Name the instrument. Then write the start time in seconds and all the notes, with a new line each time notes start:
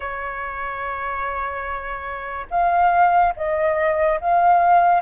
flute
0.00 C#5
2.50 F5
3.36 D#5
4.20 F5